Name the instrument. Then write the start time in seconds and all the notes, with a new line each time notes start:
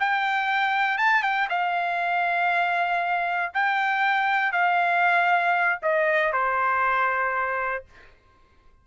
trumpet
0.00 G5
0.98 A5
1.22 G5
1.49 F5
3.54 G5
4.52 F5
5.82 D#5
6.33 C5